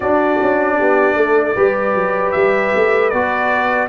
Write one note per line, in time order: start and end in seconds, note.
0.00 0.38 D4
0.00 1.55 D4
0.00 0.76 F#4
0.00 2.31 D5
0.41 0.80 C#4
0.77 1.16 B3
0.77 1.16 G4
1.16 1.55 A3
1.16 1.55 A4
1.55 1.95 G3
1.55 3.11 G4
1.55 3.88 B4
1.95 2.34 F#3
2.31 2.74 G3
2.31 3.09 E5
2.75 3.12 A3
3.09 3.88 B3
3.09 3.88 F#4
3.09 3.87 D5